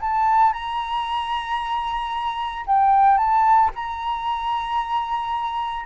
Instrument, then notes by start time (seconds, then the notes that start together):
flute
0.00 A5
0.53 A#5
2.66 G5
3.17 A5
3.75 A#5